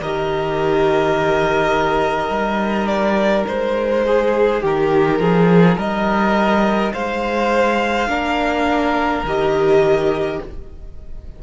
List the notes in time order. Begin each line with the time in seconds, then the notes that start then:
0.00 D#3 G4 A#4 D#5
2.29 G3 D#4
2.87 D5
3.47 G#3 C5
4.07 G#4
4.62 D#3 G4 A#4
5.20 F3 G#4
5.76 G3 A#4 D#5
6.93 G#3 C5 F5
8.08 A#3 D4 A#4
9.23 D#3 G4 D#5